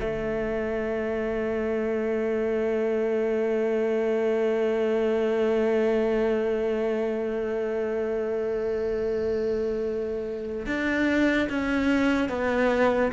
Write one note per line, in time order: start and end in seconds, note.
0.00 10.66 A3
10.66 11.48 D4
11.49 12.29 C#4
12.29 13.11 B3